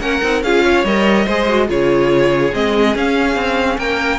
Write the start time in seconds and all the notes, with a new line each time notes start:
0.00 A#3 C#4 A#4 F#5
0.22 C4 D#4
0.43 C#4 F4 G#4 F5
0.64 C#5
0.84 G3 A#4 D#5
1.25 G#3 G#4 C5
1.48 F#4
1.67 C#3 F4 G#4 C#5
2.52 G#3 C4 D#5
2.95 C#4 F5
3.35 C4
3.78 A#3 A#4 G5